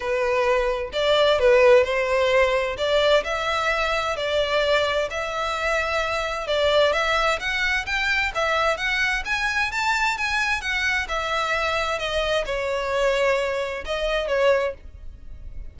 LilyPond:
\new Staff \with { instrumentName = "violin" } { \time 4/4 \tempo 4 = 130 b'2 d''4 b'4 | c''2 d''4 e''4~ | e''4 d''2 e''4~ | e''2 d''4 e''4 |
fis''4 g''4 e''4 fis''4 | gis''4 a''4 gis''4 fis''4 | e''2 dis''4 cis''4~ | cis''2 dis''4 cis''4 | }